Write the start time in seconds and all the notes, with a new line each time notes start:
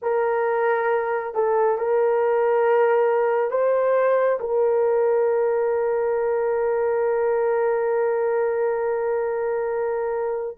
0.02 A#4
1.34 A4
1.78 A#4
3.51 C5
4.40 A#4